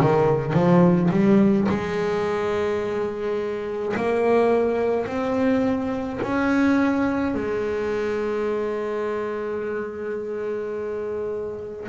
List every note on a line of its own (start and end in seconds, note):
0.00 0.52 D#3
0.52 1.09 F3
1.10 1.67 G3
1.68 3.95 G#3
3.96 5.06 A#3
5.06 6.20 C4
6.22 7.34 C#4
7.34 11.87 G#3